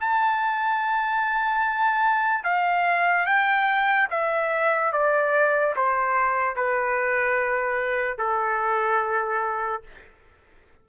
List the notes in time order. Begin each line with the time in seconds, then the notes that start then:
0.00 A5
2.44 F5
3.26 G5
4.10 E5
4.92 D5
5.76 C5
6.56 B4
8.18 A4